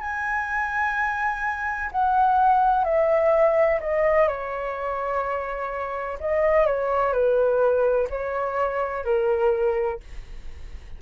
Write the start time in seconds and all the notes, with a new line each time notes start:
0.00 G#5
1.92 F#5
2.84 E5
3.81 D#5
4.28 C#5
6.20 D#5
6.66 C#5
7.13 B4
8.10 C#5
9.05 A#4